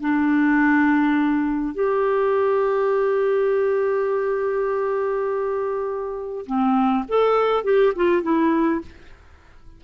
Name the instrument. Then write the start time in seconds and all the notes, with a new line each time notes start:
clarinet
0.00 D4
1.74 G4
6.45 C4
7.08 A4
7.63 G4
7.95 F4
8.22 E4